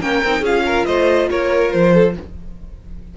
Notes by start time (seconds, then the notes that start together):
0.00 A#3 C#4 A#4 G5
0.23 C4 D#4
0.40 C#4 F4 G#4 F5
0.65 A#4
0.85 A3 C5 D#5
1.30 A#3 A#4 C#5
1.71 F3 C5
1.92 A4